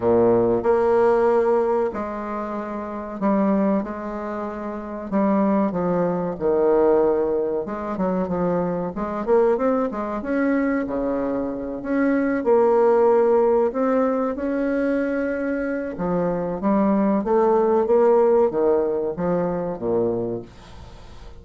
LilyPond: \new Staff \with { instrumentName = "bassoon" } { \time 4/4 \tempo 4 = 94 ais,4 ais2 gis4~ | gis4 g4 gis2 | g4 f4 dis2 | gis8 fis8 f4 gis8 ais8 c'8 gis8 |
cis'4 cis4. cis'4 ais8~ | ais4. c'4 cis'4.~ | cis'4 f4 g4 a4 | ais4 dis4 f4 ais,4 | }